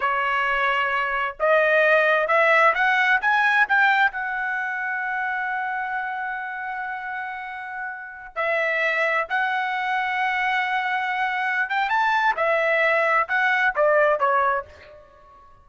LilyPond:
\new Staff \with { instrumentName = "trumpet" } { \time 4/4 \tempo 4 = 131 cis''2. dis''4~ | dis''4 e''4 fis''4 gis''4 | g''4 fis''2.~ | fis''1~ |
fis''2~ fis''16 e''4.~ e''16~ | e''16 fis''2.~ fis''8.~ | fis''4. g''8 a''4 e''4~ | e''4 fis''4 d''4 cis''4 | }